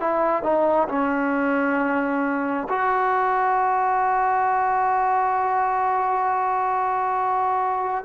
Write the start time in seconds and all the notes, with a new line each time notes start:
0.00 E4
0.43 D#4
0.88 C#4
2.69 F#4